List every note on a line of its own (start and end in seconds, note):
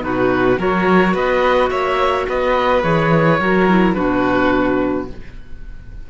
0.00 0.58 B2
0.00 0.56 D#4
0.00 0.59 F#4
0.00 0.60 B4
0.58 1.14 F#3
0.58 2.83 F#4
0.58 1.14 A#4
0.58 1.16 C#5
1.14 1.70 B3
1.14 1.70 B4
1.14 1.70 D#5
1.70 2.27 A#3
1.70 2.26 C#5
1.70 2.26 E5
2.29 2.84 B3
2.29 3.40 B4
2.29 2.83 D#5
2.83 3.40 E3
2.83 3.39 G#4
2.83 3.95 C#5
3.40 3.96 F#3
3.40 3.69 F#4
3.40 3.96 A#4
3.69 3.95 E4
3.95 5.10 B2
3.95 5.08 D4
3.95 5.08 F#4
3.95 5.07 B4